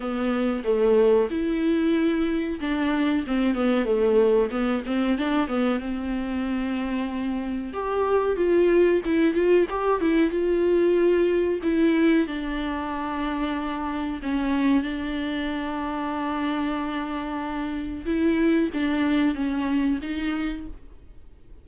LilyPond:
\new Staff \with { instrumentName = "viola" } { \time 4/4 \tempo 4 = 93 b4 a4 e'2 | d'4 c'8 b8 a4 b8 c'8 | d'8 b8 c'2. | g'4 f'4 e'8 f'8 g'8 e'8 |
f'2 e'4 d'4~ | d'2 cis'4 d'4~ | d'1 | e'4 d'4 cis'4 dis'4 | }